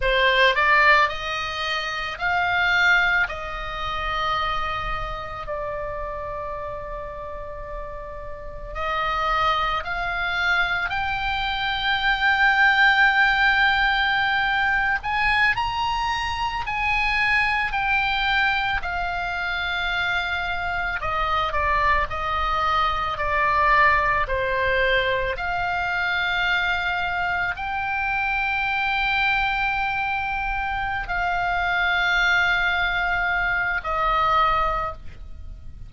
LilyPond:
\new Staff \with { instrumentName = "oboe" } { \time 4/4 \tempo 4 = 55 c''8 d''8 dis''4 f''4 dis''4~ | dis''4 d''2. | dis''4 f''4 g''2~ | g''4.~ g''16 gis''8 ais''4 gis''8.~ |
gis''16 g''4 f''2 dis''8 d''16~ | d''16 dis''4 d''4 c''4 f''8.~ | f''4~ f''16 g''2~ g''8.~ | g''8 f''2~ f''8 dis''4 | }